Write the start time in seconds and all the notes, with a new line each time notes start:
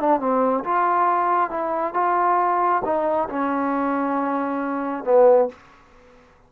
0.00 D4
0.20 C4
0.65 F4
1.51 E4
1.94 F4
2.85 D#4
3.30 C#4
5.05 B3